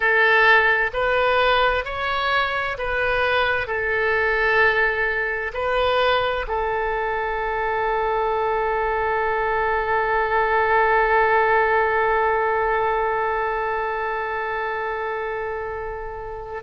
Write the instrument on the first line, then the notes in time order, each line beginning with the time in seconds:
oboe
0.00 A4
0.93 B4
1.85 C#5
2.78 B4
3.67 A4
5.53 B4
6.47 A4